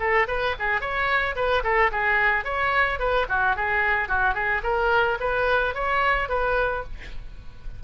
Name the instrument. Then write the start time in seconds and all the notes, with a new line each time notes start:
oboe
0.00 A4
0.28 B4
0.60 G#4
0.81 C#5
1.36 B4
1.64 A4
1.92 G#4
2.45 C#5
3.00 B4
3.29 F#4
3.56 G#4
4.09 F#4
4.34 G#4
4.64 A#4
5.20 B4
5.75 C#5
6.29 B4